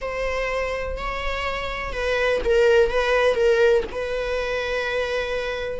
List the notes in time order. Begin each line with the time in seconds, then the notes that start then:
0.01 C5
0.97 C#5
1.92 B4
2.44 A#4
2.89 B4
3.34 A#4
3.91 B4